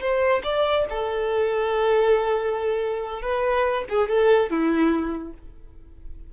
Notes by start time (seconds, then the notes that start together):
0.00 C5
0.43 D5
0.89 A4
3.21 B4
3.89 G#4
4.08 A4
4.50 E4